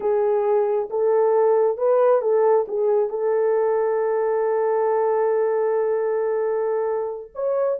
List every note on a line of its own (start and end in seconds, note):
0.00 0.89 G#4
0.90 1.77 A4
1.77 2.21 B4
2.21 2.66 A4
2.68 3.09 G#4
3.09 7.31 A4
7.34 7.79 C#5